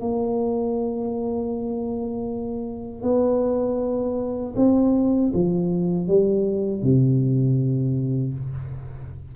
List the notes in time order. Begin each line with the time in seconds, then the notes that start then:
0.00 A#3
3.03 B3
4.56 C4
5.34 F3
6.08 G3
6.83 C3